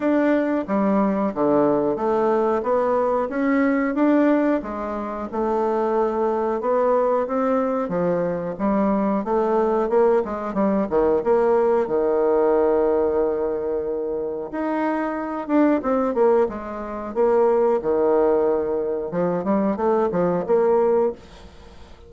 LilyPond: \new Staff \with { instrumentName = "bassoon" } { \time 4/4 \tempo 4 = 91 d'4 g4 d4 a4 | b4 cis'4 d'4 gis4 | a2 b4 c'4 | f4 g4 a4 ais8 gis8 |
g8 dis8 ais4 dis2~ | dis2 dis'4. d'8 | c'8 ais8 gis4 ais4 dis4~ | dis4 f8 g8 a8 f8 ais4 | }